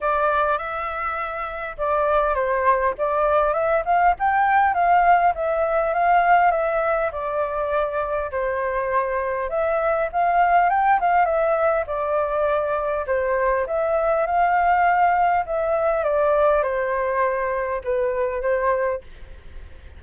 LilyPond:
\new Staff \with { instrumentName = "flute" } { \time 4/4 \tempo 4 = 101 d''4 e''2 d''4 | c''4 d''4 e''8 f''8 g''4 | f''4 e''4 f''4 e''4 | d''2 c''2 |
e''4 f''4 g''8 f''8 e''4 | d''2 c''4 e''4 | f''2 e''4 d''4 | c''2 b'4 c''4 | }